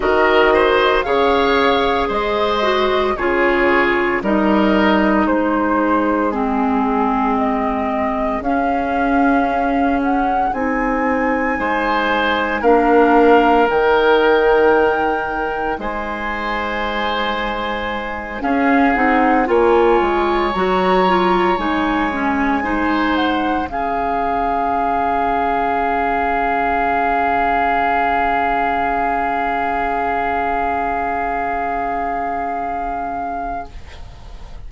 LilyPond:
<<
  \new Staff \with { instrumentName = "flute" } { \time 4/4 \tempo 4 = 57 dis''4 f''4 dis''4 cis''4 | dis''4 c''4 gis'4 dis''4 | f''4. fis''8 gis''2 | f''4 g''2 gis''4~ |
gis''4. f''8 fis''8 gis''4 ais''8~ | ais''8 gis''4. fis''8 f''4.~ | f''1~ | f''1 | }
  \new Staff \with { instrumentName = "oboe" } { \time 4/4 ais'8 c''8 cis''4 c''4 gis'4 | ais'4 gis'2.~ | gis'2. c''4 | ais'2. c''4~ |
c''4. gis'4 cis''4.~ | cis''4. c''4 gis'4.~ | gis'1~ | gis'1 | }
  \new Staff \with { instrumentName = "clarinet" } { \time 4/4 fis'4 gis'4. fis'8 f'4 | dis'2 c'2 | cis'2 dis'2 | d'4 dis'2.~ |
dis'4. cis'8 dis'8 f'4 fis'8 | f'8 dis'8 cis'8 dis'4 cis'4.~ | cis'1~ | cis'1 | }
  \new Staff \with { instrumentName = "bassoon" } { \time 4/4 dis4 cis4 gis4 cis4 | g4 gis2. | cis'2 c'4 gis4 | ais4 dis2 gis4~ |
gis4. cis'8 c'8 ais8 gis8 fis8~ | fis8 gis2 cis4.~ | cis1~ | cis1 | }
>>